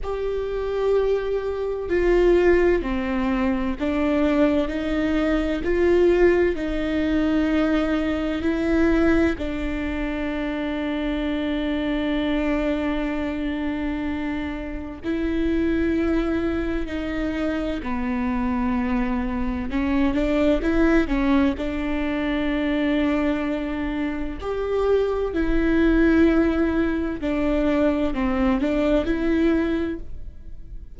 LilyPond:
\new Staff \with { instrumentName = "viola" } { \time 4/4 \tempo 4 = 64 g'2 f'4 c'4 | d'4 dis'4 f'4 dis'4~ | dis'4 e'4 d'2~ | d'1 |
e'2 dis'4 b4~ | b4 cis'8 d'8 e'8 cis'8 d'4~ | d'2 g'4 e'4~ | e'4 d'4 c'8 d'8 e'4 | }